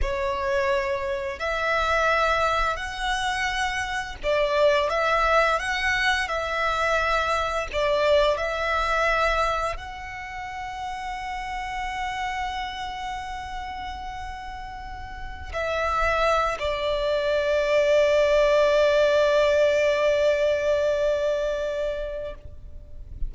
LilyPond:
\new Staff \with { instrumentName = "violin" } { \time 4/4 \tempo 4 = 86 cis''2 e''2 | fis''2 d''4 e''4 | fis''4 e''2 d''4 | e''2 fis''2~ |
fis''1~ | fis''2~ fis''16 e''4. d''16~ | d''1~ | d''1 | }